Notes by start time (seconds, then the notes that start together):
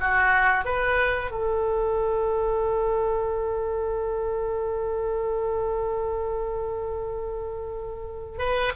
0.00 F#4
0.65 B4
1.31 A4
8.38 B4